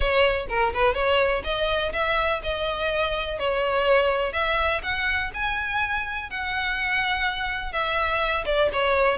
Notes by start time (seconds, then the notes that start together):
0.00 C#5
0.48 A#4
0.73 B4
0.94 C#5
1.44 D#5
1.92 E5
2.43 D#5
3.38 C#5
4.32 E5
4.83 F#5
5.34 G#5
6.30 F#5
7.72 E5
8.45 D5
8.72 C#5